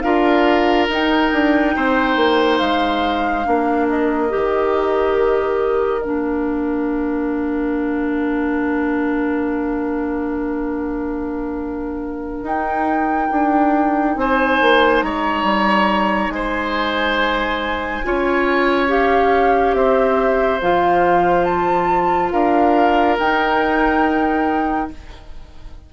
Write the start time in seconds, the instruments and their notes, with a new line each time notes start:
0.00 bassoon D4, clarinet F4, oboe A#4, flute F5
0.88 bassoon D#4, clarinet D#4, flute G5
1.32 bassoon D4
1.76 bassoon C4, oboe C5
2.16 bassoon A#3
2.58 bassoon G#3, flute F5
3.44 bassoon A#3, clarinet D4, oboe A#4
3.89 flute D#5
4.29 bassoon D#3, clarinet G4
6.02 bassoon A#3, clarinet D4, flute F5
12.42 bassoon D#4, clarinet D#4, flute G5
13.31 bassoon D4
14.16 bassoon C4, oboe C5, flute G#5
14.61 bassoon A#3
15.02 bassoon G#3, oboe C#5, flute A#5
15.43 bassoon G3
16.29 bassoon G#3, oboe C5, flute G#5
18.04 bassoon C#4, clarinet F4, oboe C#5
18.87 clarinet G4, flute F5
19.73 bassoon C4, oboe C5, flute E5
20.61 bassoon F3, clarinet F4, flute F5
21.44 flute A5
22.31 bassoon D4, oboe A#4, flute F5
23.18 bassoon D#4, clarinet D#4, flute G5